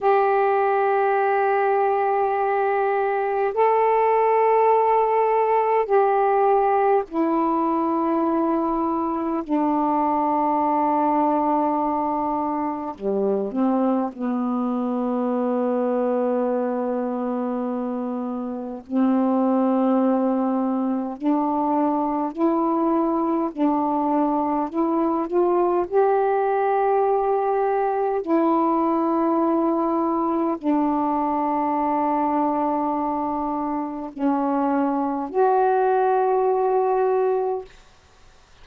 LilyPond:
\new Staff \with { instrumentName = "saxophone" } { \time 4/4 \tempo 4 = 51 g'2. a'4~ | a'4 g'4 e'2 | d'2. g8 c'8 | b1 |
c'2 d'4 e'4 | d'4 e'8 f'8 g'2 | e'2 d'2~ | d'4 cis'4 fis'2 | }